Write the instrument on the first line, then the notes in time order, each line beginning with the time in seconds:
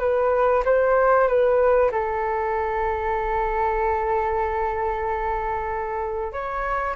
flute
0.00 B4
0.65 C5
1.27 B4
1.91 A4
6.32 C#5